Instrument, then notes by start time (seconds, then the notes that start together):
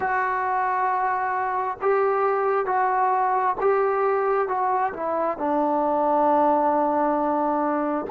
trombone
0.00 F#4
1.82 G4
2.66 F#4
3.60 G4
4.48 F#4
4.93 E4
5.37 D4